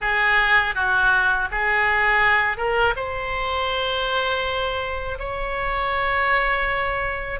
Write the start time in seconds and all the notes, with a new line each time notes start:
0.01 G#4
0.74 F#4
1.51 G#4
2.57 A#4
2.96 C5
5.19 C#5